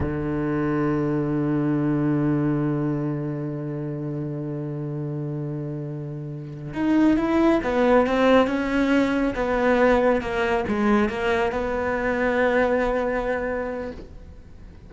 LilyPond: \new Staff \with { instrumentName = "cello" } { \time 4/4 \tempo 4 = 138 d1~ | d1~ | d1~ | d2.~ d8 dis'8~ |
dis'8 e'4 b4 c'4 cis'8~ | cis'4. b2 ais8~ | ais8 gis4 ais4 b4.~ | b1 | }